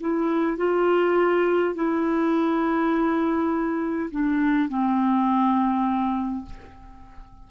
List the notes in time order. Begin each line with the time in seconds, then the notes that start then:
0.00 E4
0.57 F4
1.75 E4
4.11 D4
4.68 C4